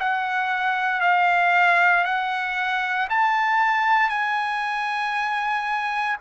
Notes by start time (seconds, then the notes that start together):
0.00 F#5
1.02 F5
2.05 F#5
3.10 A5
4.10 G#5